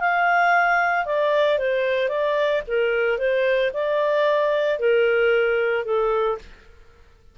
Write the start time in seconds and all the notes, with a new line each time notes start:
0.00 F5
1.06 D5
1.59 C5
2.09 D5
2.67 A#4
3.18 C5
3.74 D5
4.79 A#4
5.85 A4